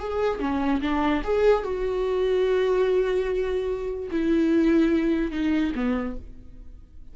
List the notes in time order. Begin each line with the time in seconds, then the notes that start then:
0.00 G#4
0.41 C#4
0.82 D4
1.24 G#4
1.64 F#4
4.11 E4
5.32 D#4
5.76 B3